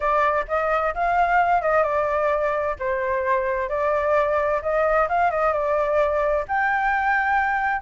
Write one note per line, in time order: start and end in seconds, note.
0.00 0.45 D5
0.48 0.94 D#5
0.94 1.62 F5
1.62 1.83 D#5
1.83 2.75 D5
2.79 3.69 C5
3.69 4.61 D5
4.62 5.08 D#5
5.08 5.31 F5
5.31 5.52 D#5
5.52 6.44 D5
6.47 7.81 G5